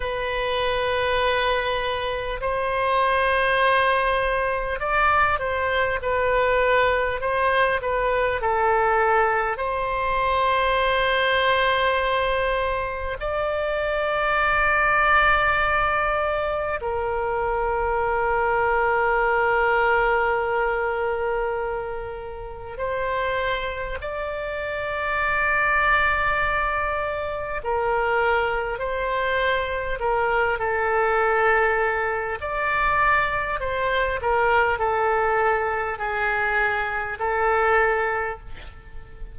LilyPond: \new Staff \with { instrumentName = "oboe" } { \time 4/4 \tempo 4 = 50 b'2 c''2 | d''8 c''8 b'4 c''8 b'8 a'4 | c''2. d''4~ | d''2 ais'2~ |
ais'2. c''4 | d''2. ais'4 | c''4 ais'8 a'4. d''4 | c''8 ais'8 a'4 gis'4 a'4 | }